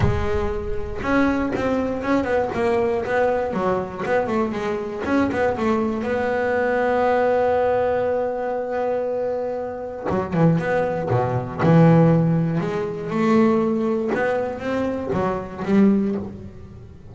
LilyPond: \new Staff \with { instrumentName = "double bass" } { \time 4/4 \tempo 4 = 119 gis2 cis'4 c'4 | cis'8 b8 ais4 b4 fis4 | b8 a8 gis4 cis'8 b8 a4 | b1~ |
b1 | fis8 e8 b4 b,4 e4~ | e4 gis4 a2 | b4 c'4 fis4 g4 | }